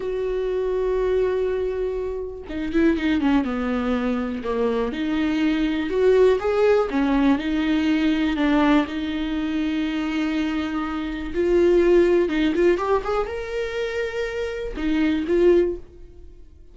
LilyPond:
\new Staff \with { instrumentName = "viola" } { \time 4/4 \tempo 4 = 122 fis'1~ | fis'4 dis'8 e'8 dis'8 cis'8 b4~ | b4 ais4 dis'2 | fis'4 gis'4 cis'4 dis'4~ |
dis'4 d'4 dis'2~ | dis'2. f'4~ | f'4 dis'8 f'8 g'8 gis'8 ais'4~ | ais'2 dis'4 f'4 | }